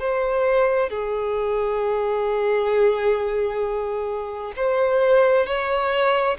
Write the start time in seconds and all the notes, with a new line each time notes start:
0.00 C5
0.90 G#4
4.57 C5
5.47 C#5